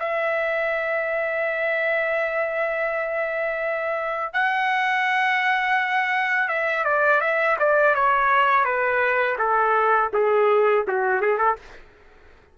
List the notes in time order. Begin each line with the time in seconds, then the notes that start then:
0.00 E5
4.33 F#5
6.49 E5
6.85 D5
7.21 E5
7.60 D5
7.95 C#5
8.65 B4
9.39 A4
10.13 G#4
10.88 F#4
11.21 G#4
11.39 A4